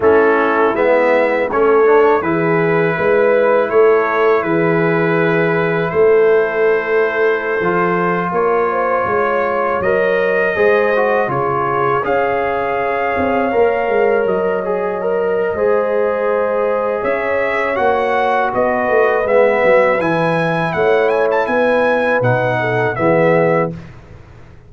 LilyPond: <<
  \new Staff \with { instrumentName = "trumpet" } { \time 4/4 \tempo 4 = 81 a'4 e''4 cis''4 b'4~ | b'4 cis''4 b'2 | c''2.~ c''16 cis''8.~ | cis''4~ cis''16 dis''2 cis''8.~ |
cis''16 f''2. dis''8.~ | dis''2. e''4 | fis''4 dis''4 e''4 gis''4 | fis''8 gis''16 a''16 gis''4 fis''4 e''4 | }
  \new Staff \with { instrumentName = "horn" } { \time 4/4 e'2 a'4 gis'4 | b'4 a'4 gis'2 | a'2.~ a'16 ais'8 c''16~ | c''16 cis''2 c''4 gis'8.~ |
gis'16 cis''2.~ cis''8.~ | cis''4 c''2 cis''4~ | cis''4 b'2. | cis''4 b'4. a'8 gis'4 | }
  \new Staff \with { instrumentName = "trombone" } { \time 4/4 cis'4 b4 cis'8 d'8 e'4~ | e'1~ | e'2~ e'16 f'4.~ f'16~ | f'4~ f'16 ais'4 gis'8 fis'8 f'8.~ |
f'16 gis'2 ais'4. gis'16~ | gis'16 ais'8. gis'2. | fis'2 b4 e'4~ | e'2 dis'4 b4 | }
  \new Staff \with { instrumentName = "tuba" } { \time 4/4 a4 gis4 a4 e4 | gis4 a4 e2 | a2~ a16 f4 ais8.~ | ais16 gis4 fis4 gis4 cis8.~ |
cis16 cis'4. c'8 ais8 gis8 fis8.~ | fis4 gis2 cis'4 | ais4 b8 a8 gis8 fis8 e4 | a4 b4 b,4 e4 | }
>>